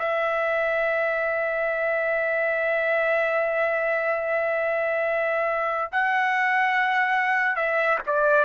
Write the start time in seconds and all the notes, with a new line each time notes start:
0.00 E5
5.93 F#5
7.57 E5
8.07 D5